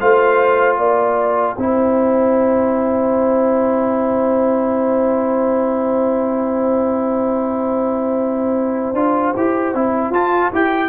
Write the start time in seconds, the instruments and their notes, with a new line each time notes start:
0.00 tuba A3, trombone F4, horn C5, trumpet F5
0.76 tuba A#3, horn D5, trumpet G5
1.58 tuba C4, trombone E4, horn C5
8.94 tuba D4, trombone F4
9.37 tuba E4, trombone G4
9.74 tuba C4, trombone E4
10.10 tuba F4, trombone F4, trumpet A5
10.53 tuba E4, trombone G4, trumpet G5